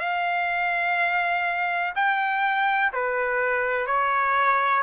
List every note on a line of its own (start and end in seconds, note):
0.00 1.94 F5
1.96 2.93 G5
2.93 3.87 B4
3.87 4.83 C#5